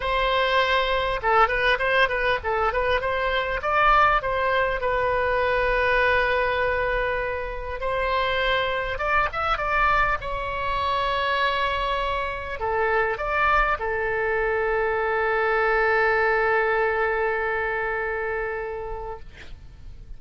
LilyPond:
\new Staff \with { instrumentName = "oboe" } { \time 4/4 \tempo 4 = 100 c''2 a'8 b'8 c''8 b'8 | a'8 b'8 c''4 d''4 c''4 | b'1~ | b'4 c''2 d''8 e''8 |
d''4 cis''2.~ | cis''4 a'4 d''4 a'4~ | a'1~ | a'1 | }